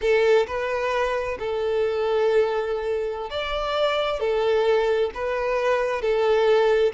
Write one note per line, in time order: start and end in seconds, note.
0.01 0.46 A4
0.46 1.37 B4
1.39 3.30 A4
3.30 4.20 D5
4.20 5.11 A4
5.14 6.01 B4
6.01 6.92 A4